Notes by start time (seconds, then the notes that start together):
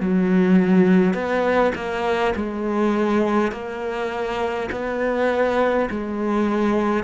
0.00 F#3
1.13 B3
1.75 A#3
2.35 G#3
3.52 A#3
4.71 B3
5.90 G#3